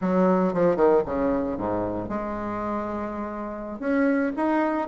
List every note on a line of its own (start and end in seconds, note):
0.01 0.53 F#3
0.53 0.76 F3
0.76 1.02 D#3
1.05 1.57 C#3
1.57 2.08 G#2
2.08 3.79 G#3
3.79 4.32 C#4
4.36 4.88 D#4